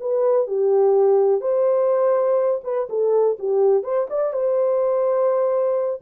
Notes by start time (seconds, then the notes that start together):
0.00 B4
0.47 G4
1.41 C5
2.63 B4
2.89 A4
3.39 G4
3.83 C5
4.10 D5
4.32 C5